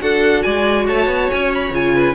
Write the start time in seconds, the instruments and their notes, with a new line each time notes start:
0.00 cello D4, viola F#4, violin A4 F#5
0.43 cello G#3, violin D5 G#5
0.87 cello A3, violin C#5 A5
1.06 cello B3
1.31 cello C#4, violin G#5
1.54 violin B5
1.71 cello C#3, viola F4, violin G#5
1.94 violin B4